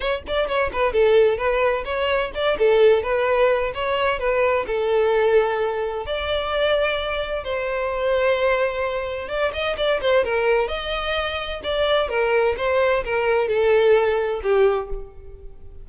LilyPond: \new Staff \with { instrumentName = "violin" } { \time 4/4 \tempo 4 = 129 cis''8 d''8 cis''8 b'8 a'4 b'4 | cis''4 d''8 a'4 b'4. | cis''4 b'4 a'2~ | a'4 d''2. |
c''1 | d''8 dis''8 d''8 c''8 ais'4 dis''4~ | dis''4 d''4 ais'4 c''4 | ais'4 a'2 g'4 | }